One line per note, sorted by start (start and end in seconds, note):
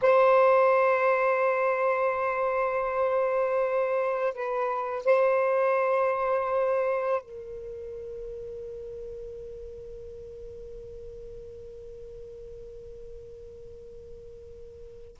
0.01 4.34 C5
4.34 5.05 B4
5.05 7.22 C5
7.22 15.17 A#4